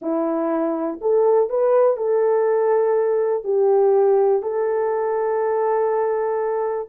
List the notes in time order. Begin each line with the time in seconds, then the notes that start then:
0.01 E4
1.01 A4
1.49 B4
1.96 A4
3.44 G4
4.42 A4